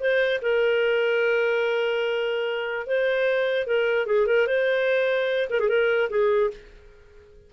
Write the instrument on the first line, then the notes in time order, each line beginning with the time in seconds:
clarinet
0.00 C5
0.42 A#4
2.87 C5
3.67 A#4
4.06 G#4
4.27 A#4
4.47 C5
5.50 A#4
5.60 G#4
5.69 A#4
6.10 G#4